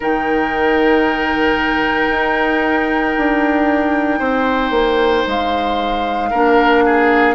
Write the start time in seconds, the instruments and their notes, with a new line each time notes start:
0.00 bassoon D#3, clarinet D#4, oboe A#4, flute G5
2.09 bassoon D#4
3.17 bassoon D4
4.18 bassoon C4, oboe C5
4.70 bassoon A#3
5.26 bassoon G#3, flute F5
6.30 bassoon A#3, clarinet D4, oboe A#4
6.85 oboe G#4